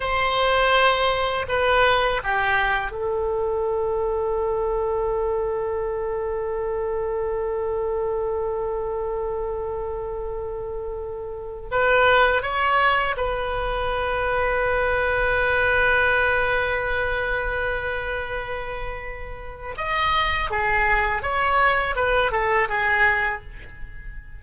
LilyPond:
\new Staff \with { instrumentName = "oboe" } { \time 4/4 \tempo 4 = 82 c''2 b'4 g'4 | a'1~ | a'1~ | a'1 |
b'4 cis''4 b'2~ | b'1~ | b'2. dis''4 | gis'4 cis''4 b'8 a'8 gis'4 | }